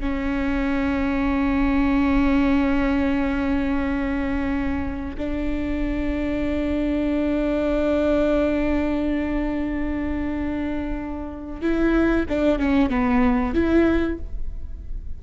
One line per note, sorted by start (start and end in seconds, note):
0.00 5.16 C#4
5.18 11.61 D4
11.61 12.26 E4
12.29 12.59 D4
12.59 12.90 C#4
12.90 13.54 B3
13.54 14.19 E4